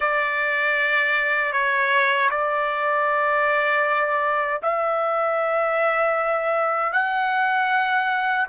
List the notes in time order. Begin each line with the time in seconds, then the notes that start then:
0.00 D5
1.52 C#5
2.30 D5
4.62 E5
6.92 F#5